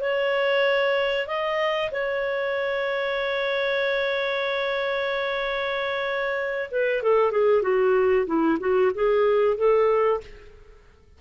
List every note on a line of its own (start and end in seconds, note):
0.00 1.26 C#5
1.26 1.90 D#5
1.91 6.70 C#5
6.71 7.02 B4
7.02 7.31 A4
7.31 7.62 G#4
7.62 8.26 F#4
8.26 8.58 E4
8.60 8.92 F#4
8.94 9.57 G#4
9.57 10.20 A4